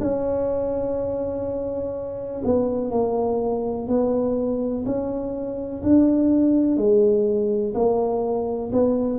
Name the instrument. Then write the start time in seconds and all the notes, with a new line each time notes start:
tuba
0.00 C#4
2.44 B3
2.91 A#3
3.88 B3
4.85 C#4
5.82 D4
6.77 G#3
7.74 A#3
8.72 B3